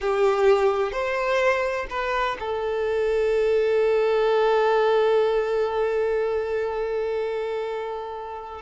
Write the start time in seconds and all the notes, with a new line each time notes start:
0.00 G4
0.91 C5
1.90 B4
2.39 A4